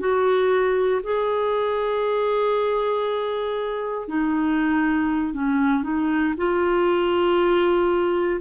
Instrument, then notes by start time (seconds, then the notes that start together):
clarinet
0.00 F#4
1.04 G#4
4.08 D#4
5.34 C#4
5.83 D#4
6.37 F4